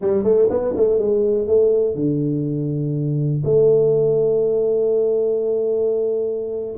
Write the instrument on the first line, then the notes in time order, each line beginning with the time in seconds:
tuba
0.01 G3
0.23 A3
0.50 B3
0.76 A3
0.98 G#3
1.47 A3
1.95 D3
3.44 A3